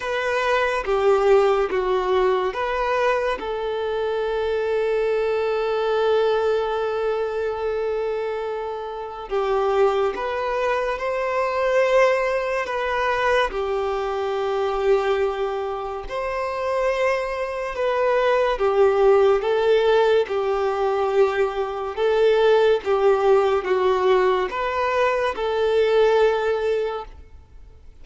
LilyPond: \new Staff \with { instrumentName = "violin" } { \time 4/4 \tempo 4 = 71 b'4 g'4 fis'4 b'4 | a'1~ | a'2. g'4 | b'4 c''2 b'4 |
g'2. c''4~ | c''4 b'4 g'4 a'4 | g'2 a'4 g'4 | fis'4 b'4 a'2 | }